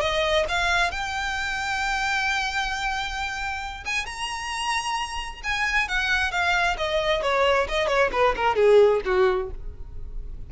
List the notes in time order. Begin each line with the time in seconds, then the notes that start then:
0.00 D#5
0.48 F5
0.91 G5
3.85 G#5
4.05 A#5
5.43 G#5
5.88 F#5
6.31 F5
6.77 D#5
7.22 C#5
7.68 D#5
7.87 C#5
8.12 B4
8.36 A#4
8.55 G#4
9.05 F#4